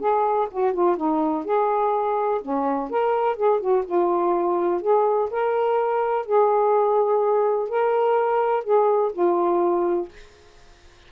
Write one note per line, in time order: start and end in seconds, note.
0.00 0.48 G#4
0.51 0.74 F#4
0.74 0.97 F4
0.97 1.45 D#4
1.45 2.41 G#4
2.42 2.90 C#4
2.90 3.36 A#4
3.36 3.60 G#4
3.60 3.84 F#4
3.85 4.81 F4
4.82 5.30 G#4
5.31 6.26 A#4
6.26 7.69 G#4
7.69 8.64 A#4
8.64 9.12 G#4
9.13 10.09 F4